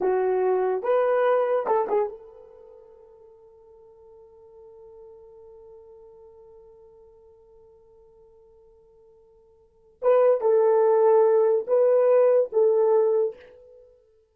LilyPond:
\new Staff \with { instrumentName = "horn" } { \time 4/4 \tempo 4 = 144 fis'2 b'2 | a'8 gis'8 a'2.~ | a'1~ | a'1~ |
a'1~ | a'1 | b'4 a'2. | b'2 a'2 | }